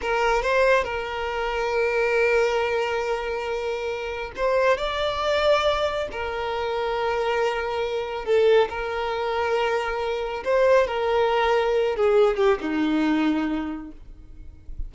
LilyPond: \new Staff \with { instrumentName = "violin" } { \time 4/4 \tempo 4 = 138 ais'4 c''4 ais'2~ | ais'1~ | ais'2 c''4 d''4~ | d''2 ais'2~ |
ais'2. a'4 | ais'1 | c''4 ais'2~ ais'8 gis'8~ | gis'8 g'8 dis'2. | }